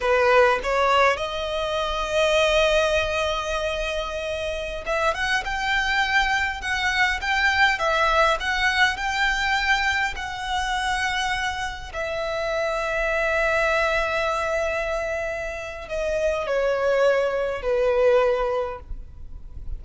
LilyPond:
\new Staff \with { instrumentName = "violin" } { \time 4/4 \tempo 4 = 102 b'4 cis''4 dis''2~ | dis''1~ | dis''16 e''8 fis''8 g''2 fis''8.~ | fis''16 g''4 e''4 fis''4 g''8.~ |
g''4~ g''16 fis''2~ fis''8.~ | fis''16 e''2.~ e''8.~ | e''2. dis''4 | cis''2 b'2 | }